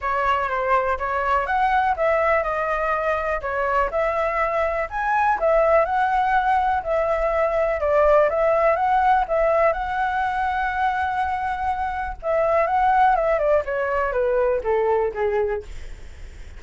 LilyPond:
\new Staff \with { instrumentName = "flute" } { \time 4/4 \tempo 4 = 123 cis''4 c''4 cis''4 fis''4 | e''4 dis''2 cis''4 | e''2 gis''4 e''4 | fis''2 e''2 |
d''4 e''4 fis''4 e''4 | fis''1~ | fis''4 e''4 fis''4 e''8 d''8 | cis''4 b'4 a'4 gis'4 | }